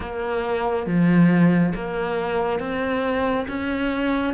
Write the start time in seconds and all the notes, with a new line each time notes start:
0.00 A#3
0.86 F3
1.74 A#3
2.59 C4
3.47 C#4